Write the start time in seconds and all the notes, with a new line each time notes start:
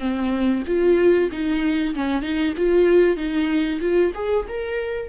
0.00 C4
0.67 F4
1.31 D#4
1.95 C#4
2.22 D#4
2.57 F4
3.17 D#4
3.81 F4
4.15 G#4
4.48 A#4